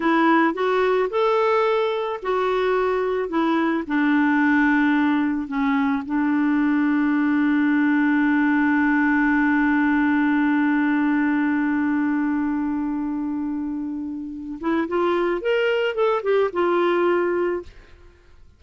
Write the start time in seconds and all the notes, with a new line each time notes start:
0.00 E4
0.54 F#4
1.10 A4
2.22 F#4
3.28 E4
3.87 D4
5.47 C#4
6.05 D4
14.60 E4
14.87 F4
15.41 A#4
15.94 A4
16.22 G4
16.52 F4